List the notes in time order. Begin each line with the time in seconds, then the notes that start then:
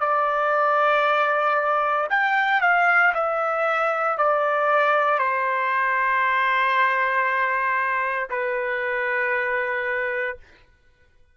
0.00 D5
2.09 G5
2.61 F5
3.14 E5
4.18 D5
5.18 C5
8.29 B4